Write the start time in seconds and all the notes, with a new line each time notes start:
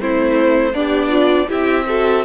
0.00 A3 C4 E4 C5
0.73 B3 D4 G4 D5
1.09 F4
1.49 C4 E4 G4 E5
1.88 F#4 A4